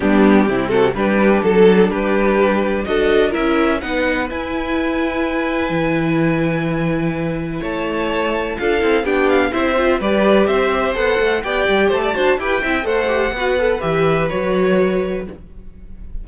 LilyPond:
<<
  \new Staff \with { instrumentName = "violin" } { \time 4/4 \tempo 4 = 126 g'4. a'8 b'4 a'4 | b'2 dis''4 e''4 | fis''4 gis''2.~ | gis''1 |
a''2 f''4 g''8 f''8 | e''4 d''4 e''4 fis''4 | g''4 a''4 g''4 fis''4~ | fis''4 e''4 cis''2 | }
  \new Staff \with { instrumentName = "violin" } { \time 4/4 d'4 e'8 fis'8 g'4 a'4 | g'2 a'4 ais'4 | b'1~ | b'1 |
cis''2 a'4 g'4 | c''4 b'4 c''2 | d''4 c''16 d''16 c''8 b'8 e''8 c''4 | b'1 | }
  \new Staff \with { instrumentName = "viola" } { \time 4/4 b4 c'4 d'2~ | d'2 fis'4 e'4 | dis'4 e'2.~ | e'1~ |
e'2 f'8 e'8 d'4 | e'8 f'8 g'2 a'4 | g'4. fis'8 g'8 e'8 a'8 g'8 | fis'8 a'8 g'4 fis'2 | }
  \new Staff \with { instrumentName = "cello" } { \time 4/4 g4 c4 g4 fis4 | g2 d'4 cis'4 | b4 e'2. | e1 |
a2 d'8 c'8 b4 | c'4 g4 c'4 b8 a8 | b8 g8 a8 d'8 e'8 c'8 a4 | b4 e4 fis2 | }
>>